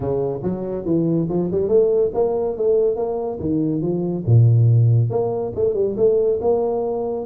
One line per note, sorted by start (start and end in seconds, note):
0.00 0.41 C#3
0.43 0.85 F#3
0.85 1.27 E3
1.29 1.50 F3
1.51 1.68 G3
1.68 2.11 A3
2.14 2.56 A#3
2.56 2.96 A3
2.96 3.38 A#3
3.39 3.81 D#3
3.81 4.24 F3
4.26 5.09 A#2
5.09 5.52 A#3
5.55 5.74 A3
5.74 5.95 G3
5.97 6.39 A3
6.41 7.25 A#3